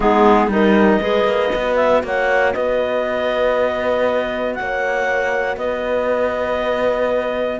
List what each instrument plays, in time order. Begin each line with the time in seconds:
0.00 cello G#3, clarinet B3 G#4, horn D#4
0.47 cello G3, clarinet D#4 D#5, horn A#4
1.00 cello G#3, clarinet G#4, horn B4
1.24 cello A#3
1.50 cello B3, clarinet F#4
1.76 clarinet E5
2.03 cello A#3, horn C#5, clarinet F#5
2.53 cello B3, horn B4, clarinet D#5
4.54 cello A#3, horn C#5, clarinet F#5
5.57 cello B3, horn B4, clarinet D#5